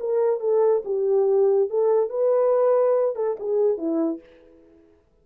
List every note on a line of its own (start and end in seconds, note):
0.00 0.40 A#4
0.40 0.83 A4
0.85 1.70 G4
1.70 2.10 A4
2.10 3.16 B4
3.16 3.37 A4
3.40 3.78 G#4
3.78 4.20 E4